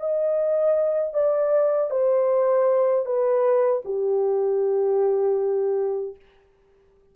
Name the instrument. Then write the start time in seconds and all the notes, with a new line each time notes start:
horn
0.00 D#5
1.14 D5
1.91 C5
3.06 B4
3.85 G4